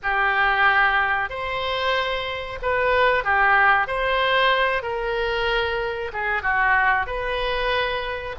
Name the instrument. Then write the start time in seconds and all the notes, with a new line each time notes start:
oboe
0.02 G4
1.29 C5
2.61 B4
3.24 G4
3.87 C5
4.82 A#4
6.12 G#4
6.42 F#4
7.06 B4